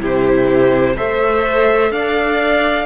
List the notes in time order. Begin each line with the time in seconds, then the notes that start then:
0.00 C3 E4 G4 C5
0.95 A3 A4 C5 E5
1.90 D4 D5 F5